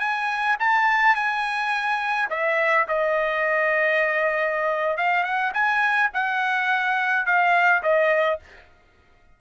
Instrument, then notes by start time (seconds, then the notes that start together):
trumpet
0.00 G#5
0.60 A5
1.16 G#5
2.30 E5
2.88 D#5
4.98 F5
5.24 F#5
5.54 G#5
6.14 F#5
7.26 F5
7.83 D#5